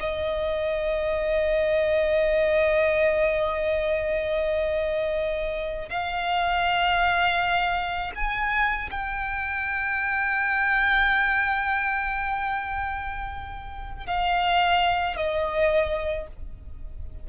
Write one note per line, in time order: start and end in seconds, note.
0.00 5.89 D#5
5.89 8.11 F5
8.15 8.89 G#5
8.91 14.06 G5
14.06 15.16 F5
15.16 16.27 D#5